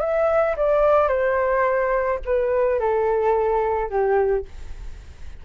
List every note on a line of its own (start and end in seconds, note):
0.00 0.56 E5
0.56 1.08 D5
1.08 2.19 C5
2.25 2.79 B4
2.79 3.89 A4
3.89 4.45 G4